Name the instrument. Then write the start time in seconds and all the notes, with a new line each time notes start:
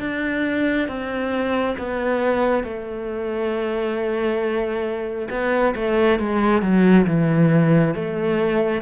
cello
0.00 D4
0.88 C4
1.78 B3
2.64 A3
5.30 B3
5.76 A3
6.19 G#3
6.62 F#3
7.07 E3
7.95 A3